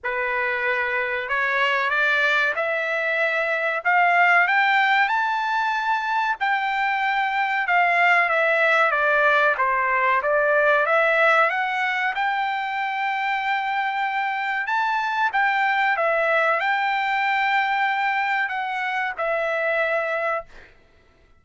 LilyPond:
\new Staff \with { instrumentName = "trumpet" } { \time 4/4 \tempo 4 = 94 b'2 cis''4 d''4 | e''2 f''4 g''4 | a''2 g''2 | f''4 e''4 d''4 c''4 |
d''4 e''4 fis''4 g''4~ | g''2. a''4 | g''4 e''4 g''2~ | g''4 fis''4 e''2 | }